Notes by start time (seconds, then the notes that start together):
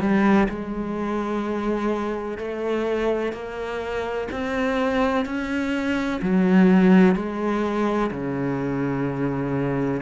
0.00 G3
0.49 G#3
2.38 A3
3.33 A#3
4.32 C4
5.26 C#4
6.22 F#3
7.16 G#3
8.11 C#3